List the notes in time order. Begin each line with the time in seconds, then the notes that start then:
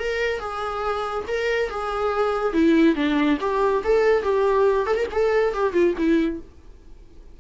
0.00 A#4
0.40 G#4
1.28 A#4
1.70 G#4
2.53 E4
2.96 D4
3.40 G4
3.84 A4
4.23 G4
4.86 A4
4.96 A#4
5.12 A4
5.54 G4
5.73 F4
5.98 E4